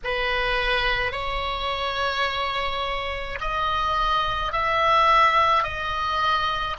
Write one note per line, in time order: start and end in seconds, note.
0.04 1.12 B4
1.12 3.38 C#5
3.40 4.52 D#5
4.52 5.63 E5
5.63 6.76 D#5